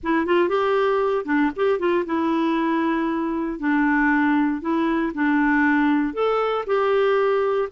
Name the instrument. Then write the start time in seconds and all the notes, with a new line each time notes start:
clarinet
0.03 E4
0.26 F4
0.48 G4
1.25 D4
1.56 G4
1.79 F4
2.05 E4
3.59 D4
4.61 E4
5.14 D4
6.13 A4
6.66 G4